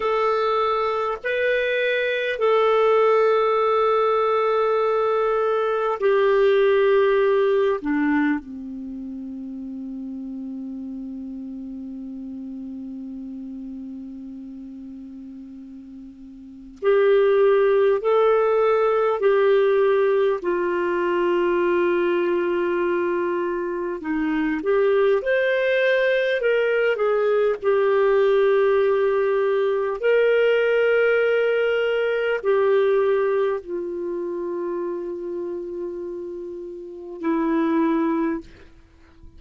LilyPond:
\new Staff \with { instrumentName = "clarinet" } { \time 4/4 \tempo 4 = 50 a'4 b'4 a'2~ | a'4 g'4. d'8 c'4~ | c'1~ | c'2 g'4 a'4 |
g'4 f'2. | dis'8 g'8 c''4 ais'8 gis'8 g'4~ | g'4 ais'2 g'4 | f'2. e'4 | }